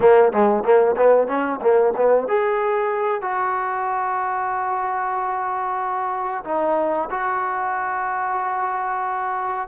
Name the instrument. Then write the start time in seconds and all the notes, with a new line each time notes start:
trombone
0.00 A#3
0.32 G#3
0.63 A#3
0.96 B3
1.27 C#4
1.61 A#3
1.96 B3
2.28 G#4
3.21 F#4
6.44 D#4
7.10 F#4